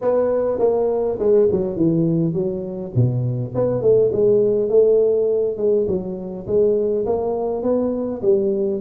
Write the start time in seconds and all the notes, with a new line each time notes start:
0.01 B3
0.59 A#3
1.19 G#3
1.51 F#3
1.76 E3
2.33 F#3
2.95 B2
3.54 B3
3.81 A3
4.12 G#3
4.69 A3
5.57 G#3
5.87 F#3
6.47 G#3
7.06 A#3
7.62 B3
8.21 G3